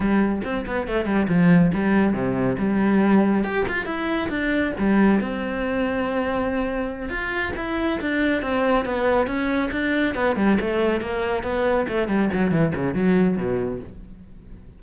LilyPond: \new Staff \with { instrumentName = "cello" } { \time 4/4 \tempo 4 = 139 g4 c'8 b8 a8 g8 f4 | g4 c4 g2 | g'8 f'8 e'4 d'4 g4 | c'1~ |
c'8 f'4 e'4 d'4 c'8~ | c'8 b4 cis'4 d'4 b8 | g8 a4 ais4 b4 a8 | g8 fis8 e8 cis8 fis4 b,4 | }